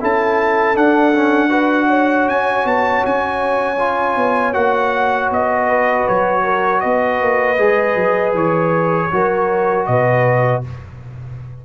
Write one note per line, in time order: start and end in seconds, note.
0.00 0.76 C#4
0.00 0.75 E4
0.00 1.49 A4
0.00 0.76 A5
0.75 1.13 D4
0.75 2.28 D4
0.75 2.28 F#5
1.14 1.49 C#4
1.49 3.76 F#4
1.49 1.87 B4
1.87 5.66 C#5
2.28 2.64 C#4
2.28 2.66 G#5
2.64 3.02 B3
2.64 3.04 A5
3.05 4.16 C#4
3.05 4.53 G#5
3.78 4.53 F4
4.16 4.53 B3
4.53 5.29 A#3
4.53 7.57 F#4
4.53 5.29 F#5
5.30 6.06 B3
5.30 6.07 D#5
5.66 6.42 B4
6.07 6.83 F#3
6.07 6.80 C#5
6.43 6.81 A#4
6.80 7.21 B3
6.80 9.10 B4
6.80 8.32 D#5
7.21 7.57 A#3
7.57 7.95 G#3
7.57 9.10 G#4
7.95 8.33 F#3
8.33 9.09 E3
8.33 9.85 C#5
9.11 9.87 F#3
9.11 10.63 F#4
9.11 9.89 A#4
9.85 10.63 B2
9.85 10.65 B4
9.85 10.61 D#5